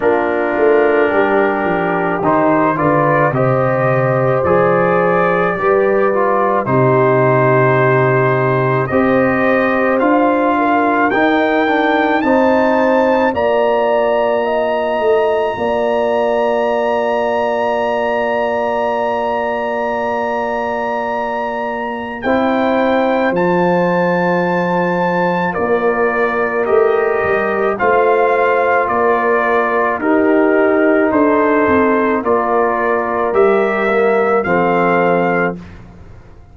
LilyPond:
<<
  \new Staff \with { instrumentName = "trumpet" } { \time 4/4 \tempo 4 = 54 ais'2 c''8 d''8 dis''4 | d''2 c''2 | dis''4 f''4 g''4 a''4 | ais''1~ |
ais''1 | g''4 a''2 d''4 | dis''4 f''4 d''4 ais'4 | c''4 d''4 e''4 f''4 | }
  \new Staff \with { instrumentName = "horn" } { \time 4/4 f'4 g'4. b'8 c''4~ | c''4 b'4 g'2 | c''4. ais'4. c''4 | d''4 dis''4 d''2~ |
d''1 | c''2. ais'4~ | ais'4 c''4 ais'4 g'4 | a'4 ais'2 a'4 | }
  \new Staff \with { instrumentName = "trombone" } { \time 4/4 d'2 dis'8 f'8 g'4 | gis'4 g'8 f'8 dis'2 | g'4 f'4 dis'8 d'8 dis'4 | f'1~ |
f'1 | e'4 f'2. | g'4 f'2 dis'4~ | dis'4 f'4 g'8 ais8 c'4 | }
  \new Staff \with { instrumentName = "tuba" } { \time 4/4 ais8 a8 g8 f8 dis8 d8 c4 | f4 g4 c2 | c'4 d'4 dis'4 c'4 | ais4. a8 ais2~ |
ais1 | c'4 f2 ais4 | a8 g8 a4 ais4 dis'4 | d'8 c'8 ais4 g4 f4 | }
>>